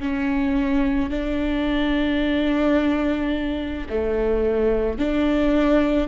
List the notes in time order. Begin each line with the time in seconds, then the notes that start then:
0.00 C#4
1.11 D4
3.90 A3
4.99 D4